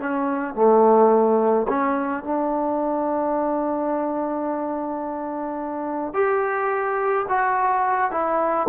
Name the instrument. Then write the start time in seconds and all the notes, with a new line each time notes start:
trombone
0.00 C#4
0.55 A3
1.69 C#4
2.24 D4
6.14 G4
7.29 F#4
8.12 E4